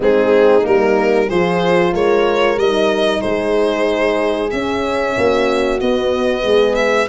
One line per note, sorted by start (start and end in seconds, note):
0.00 0.64 G#3
0.00 0.61 C4
0.00 1.27 D#4
0.00 0.65 G#4
0.61 1.30 G3
0.61 1.26 A#3
0.61 1.29 A#4
1.27 1.93 F3
1.27 2.59 F4
1.27 1.91 G#4
1.27 1.93 C5
1.93 2.56 G#3
1.93 3.21 A#4
1.93 2.58 C#5
2.56 3.21 G3
2.56 4.51 D#4
2.56 3.21 D#5
3.21 4.52 G#3
3.21 5.15 G#4
3.21 4.50 C5
4.50 5.80 C#4
4.50 5.16 C#4
4.50 5.79 E5
5.17 5.81 A#3
5.17 6.42 F#4
5.80 6.44 B3
5.80 7.08 B3
5.80 6.75 D#5
6.42 7.08 G#3
6.42 7.06 G#4
6.75 7.07 E5